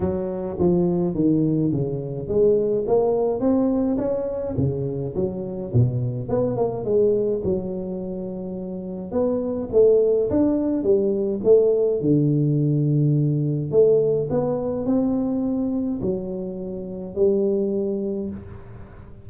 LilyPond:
\new Staff \with { instrumentName = "tuba" } { \time 4/4 \tempo 4 = 105 fis4 f4 dis4 cis4 | gis4 ais4 c'4 cis'4 | cis4 fis4 b,4 b8 ais8 | gis4 fis2. |
b4 a4 d'4 g4 | a4 d2. | a4 b4 c'2 | fis2 g2 | }